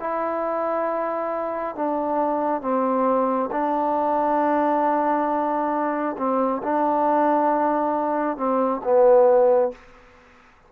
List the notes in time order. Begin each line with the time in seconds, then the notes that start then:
0.00 E4
1.75 D4
2.61 C4
3.51 D4
6.18 C4
6.63 D4
8.37 C4
8.84 B3